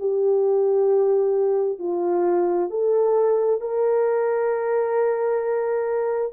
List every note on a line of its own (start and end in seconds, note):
0.00 1.79 G4
1.79 2.70 F4
2.70 3.61 A4
3.61 6.33 A#4